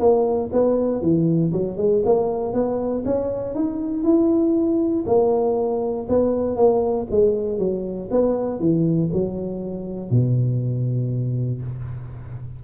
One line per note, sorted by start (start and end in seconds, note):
0.00 0.50 A#3
0.53 1.02 B3
1.02 1.52 E3
1.53 1.78 F#3
1.78 2.03 G#3
2.06 2.53 A#3
2.53 3.04 B3
3.05 3.55 C#4
3.55 4.04 D#4
4.04 5.05 E4
5.07 6.08 A#3
6.09 6.57 B3
6.57 7.07 A#3
7.11 7.59 G#3
7.59 8.09 F#3
8.11 8.60 B3
8.60 9.11 E3
9.13 10.11 F#3
10.11 11.62 B2